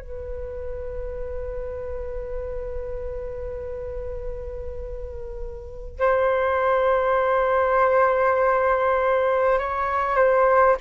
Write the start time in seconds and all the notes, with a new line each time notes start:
0.00 B4
5.99 C5
9.59 C#5
10.16 C5